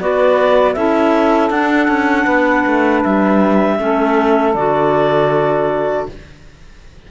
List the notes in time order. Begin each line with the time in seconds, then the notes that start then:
0.00 B3 F#4 B4 D5
0.74 C#4 E4 A4 E5
1.50 D4 F#5
1.87 C#4
2.24 B3 B4
2.66 A3
3.03 G3 E5
3.78 A3 C#4 A4
4.54 D3 F#4 D5